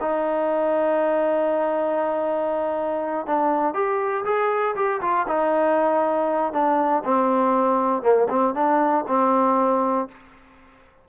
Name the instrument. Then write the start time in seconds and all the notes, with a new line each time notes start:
trombone
0.00 D#4
3.26 D4
3.74 G4
4.24 G#4
4.75 G4
5.01 F4
5.27 D#4
6.52 D4
7.04 C4
8.02 A#3
8.29 C4
8.54 D4
9.07 C4